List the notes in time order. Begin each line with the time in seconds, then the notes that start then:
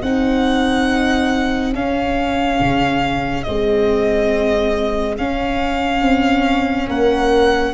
0.00 C4 D#4 G#4 F#5
1.73 C#4 F5
2.60 C#3
3.43 G#3 C4 D#5
5.18 C#4 F5
6.02 C4
6.88 A#3 A#4 F#5